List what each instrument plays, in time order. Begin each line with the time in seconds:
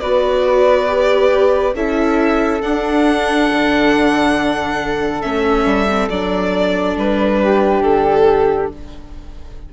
0.00 bassoon B3, viola F#4, flute B4, violin D5
0.87 viola G4
1.74 bassoon C#4, viola E4, flute A4, violin E5
2.62 viola D4, bassoon D4, violin F#5
3.53 bassoon D3
5.22 bassoon A3, viola C#4, violin E5
5.65 bassoon G3
5.89 viola C4
6.10 bassoon F#3, viola D4, violin D5
6.97 bassoon G3, violin B4
7.43 flute G4
7.81 bassoon D3, violin A4